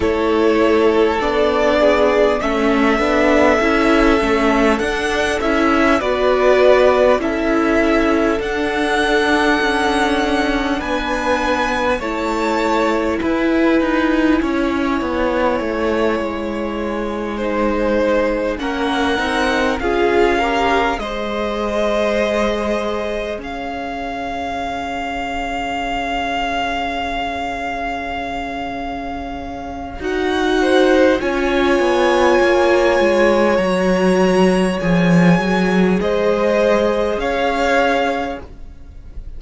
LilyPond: <<
  \new Staff \with { instrumentName = "violin" } { \time 4/4 \tempo 4 = 50 cis''4 d''4 e''2 | fis''8 e''8 d''4 e''4 fis''4~ | fis''4 gis''4 a''4 gis''4~ | gis''2.~ gis''8 fis''8~ |
fis''8 f''4 dis''2 f''8~ | f''1~ | f''4 fis''4 gis''2 | ais''4 gis''4 dis''4 f''4 | }
  \new Staff \with { instrumentName = "violin" } { \time 4/4 a'4. gis'8 a'2~ | a'4 b'4 a'2~ | a'4 b'4 cis''4 b'4 | cis''2~ cis''8 c''4 ais'8~ |
ais'8 gis'8 ais'8 c''2 cis''8~ | cis''1~ | cis''4. c''8 cis''2~ | cis''2 c''4 cis''4 | }
  \new Staff \with { instrumentName = "viola" } { \time 4/4 e'4 d'4 cis'8 d'8 e'8 cis'8 | d'8 e'8 fis'4 e'4 d'4~ | d'2 e'2~ | e'2~ e'8 dis'4 cis'8 |
dis'8 f'8 g'8 gis'2~ gis'8~ | gis'1~ | gis'4 fis'4 f'2 | fis'4 gis'2. | }
  \new Staff \with { instrumentName = "cello" } { \time 4/4 a4 b4 a8 b8 cis'8 a8 | d'8 cis'8 b4 cis'4 d'4 | cis'4 b4 a4 e'8 dis'8 | cis'8 b8 a8 gis2 ais8 |
c'8 cis'4 gis2 cis'8~ | cis'1~ | cis'4 dis'4 cis'8 b8 ais8 gis8 | fis4 f8 fis8 gis4 cis'4 | }
>>